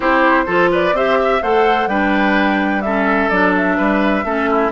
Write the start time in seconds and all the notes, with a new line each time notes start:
0.00 C4 E4 G4 C5
0.46 F3 F4 A4
0.71 B4 D5
0.92 C4 G4 C5 E5
1.19 E5
1.42 A3 A4 C5 F#5
1.86 G3 D4 B4 G5
2.81 C#4 A4 E5
3.29 F#3 D4 D5
3.56 E5
3.77 G3 B4
4.24 A3 C#4 A4
4.50 E4